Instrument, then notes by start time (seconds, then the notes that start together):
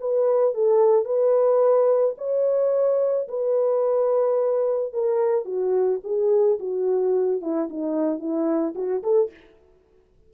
horn
0.00 B4
0.54 A4
1.05 B4
2.17 C#5
3.28 B4
4.93 A#4
5.45 F#4
6.04 G#4
6.59 F#4
7.41 E4
7.69 D#4
8.19 E4
8.75 F#4
9.03 A4